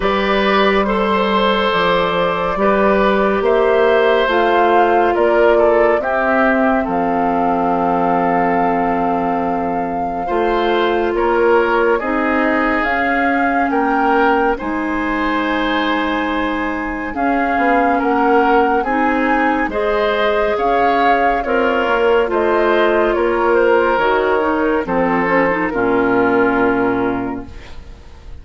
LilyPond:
<<
  \new Staff \with { instrumentName = "flute" } { \time 4/4 \tempo 4 = 70 d''4 c''4 d''2 | e''4 f''4 d''4 e''4 | f''1~ | f''4 cis''4 dis''4 f''4 |
g''4 gis''2. | f''4 fis''4 gis''4 dis''4 | f''4 cis''4 dis''4 cis''8 c''8 | cis''4 c''4 ais'2 | }
  \new Staff \with { instrumentName = "oboe" } { \time 4/4 b'4 c''2 b'4 | c''2 ais'8 a'8 g'4 | a'1 | c''4 ais'4 gis'2 |
ais'4 c''2. | gis'4 ais'4 gis'4 c''4 | cis''4 f'4 c''4 ais'4~ | ais'4 a'4 f'2 | }
  \new Staff \with { instrumentName = "clarinet" } { \time 4/4 g'4 a'2 g'4~ | g'4 f'2 c'4~ | c'1 | f'2 dis'4 cis'4~ |
cis'4 dis'2. | cis'2 dis'4 gis'4~ | gis'4 ais'4 f'2 | fis'8 dis'8 c'8 cis'16 dis'16 cis'2 | }
  \new Staff \with { instrumentName = "bassoon" } { \time 4/4 g2 f4 g4 | ais4 a4 ais4 c'4 | f1 | a4 ais4 c'4 cis'4 |
ais4 gis2. | cis'8 b8 ais4 c'4 gis4 | cis'4 c'8 ais8 a4 ais4 | dis4 f4 ais,2 | }
>>